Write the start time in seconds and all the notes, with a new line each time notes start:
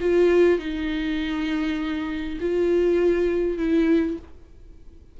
0.00 F4
0.59 D#4
2.40 F4
3.57 E4